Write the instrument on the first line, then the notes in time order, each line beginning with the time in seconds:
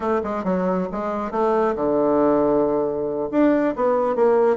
bassoon
0.00 A3
0.23 G#3
0.44 F#3
0.92 G#3
1.31 A3
1.75 D3
3.31 D4
3.75 B3
4.15 A#3